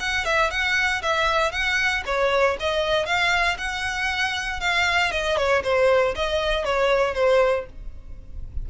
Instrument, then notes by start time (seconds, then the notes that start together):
violin
0.00 F#5
0.25 E5
0.51 F#5
1.02 E5
1.52 F#5
2.06 C#5
2.60 D#5
3.06 F5
3.58 F#5
4.60 F5
5.12 D#5
5.37 C#5
5.63 C5
6.16 D#5
6.65 C#5
7.14 C5